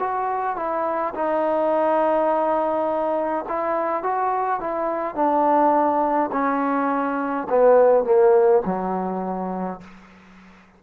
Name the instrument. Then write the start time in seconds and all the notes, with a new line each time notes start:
trombone
0.00 F#4
0.57 E4
1.15 D#4
3.49 E4
4.04 F#4
4.61 E4
5.16 D4
6.33 C#4
7.50 B3
8.05 A#3
8.66 F#3